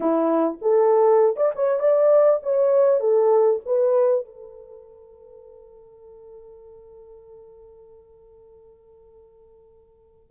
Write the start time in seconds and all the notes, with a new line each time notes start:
0.00 E4
0.61 A4
1.36 D5
1.55 C#5
1.79 D5
2.42 C#5
2.99 A4
3.65 B4
4.25 A4